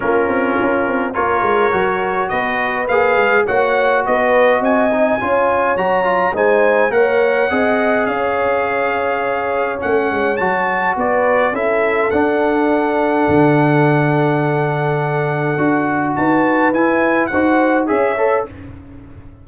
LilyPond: <<
  \new Staff \with { instrumentName = "trumpet" } { \time 4/4 \tempo 4 = 104 ais'2 cis''2 | dis''4 f''4 fis''4 dis''4 | gis''2 ais''4 gis''4 | fis''2 f''2~ |
f''4 fis''4 a''4 d''4 | e''4 fis''2.~ | fis''1 | a''4 gis''4 fis''4 e''4 | }
  \new Staff \with { instrumentName = "horn" } { \time 4/4 f'2 ais'2 | b'2 cis''4 b'4 | dis''4 cis''2 c''4 | cis''4 dis''4 cis''2~ |
cis''2. b'4 | a'1~ | a'1 | b'2 c''4 cis''4 | }
  \new Staff \with { instrumentName = "trombone" } { \time 4/4 cis'2 f'4 fis'4~ | fis'4 gis'4 fis'2~ | fis'8 dis'8 f'4 fis'8 f'8 dis'4 | ais'4 gis'2.~ |
gis'4 cis'4 fis'2 | e'4 d'2.~ | d'2. fis'4~ | fis'4 e'4 fis'4 gis'8 a'8 | }
  \new Staff \with { instrumentName = "tuba" } { \time 4/4 ais8 c'8 cis'8 c'8 ais8 gis8 fis4 | b4 ais8 gis8 ais4 b4 | c'4 cis'4 fis4 gis4 | ais4 c'4 cis'2~ |
cis'4 a8 gis8 fis4 b4 | cis'4 d'2 d4~ | d2. d'4 | dis'4 e'4 dis'4 cis'4 | }
>>